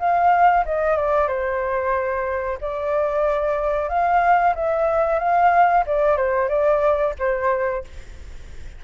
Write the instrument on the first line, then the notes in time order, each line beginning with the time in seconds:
flute
0.00 F5
0.66 D#5
0.97 D5
1.28 C5
2.61 D5
3.90 F5
4.55 E5
5.19 F5
5.87 D5
6.17 C5
6.49 D5
7.19 C5